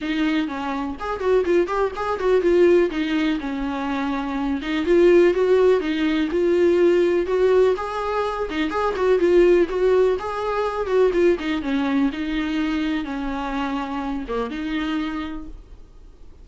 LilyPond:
\new Staff \with { instrumentName = "viola" } { \time 4/4 \tempo 4 = 124 dis'4 cis'4 gis'8 fis'8 f'8 g'8 | gis'8 fis'8 f'4 dis'4 cis'4~ | cis'4. dis'8 f'4 fis'4 | dis'4 f'2 fis'4 |
gis'4. dis'8 gis'8 fis'8 f'4 | fis'4 gis'4. fis'8 f'8 dis'8 | cis'4 dis'2 cis'4~ | cis'4. ais8 dis'2 | }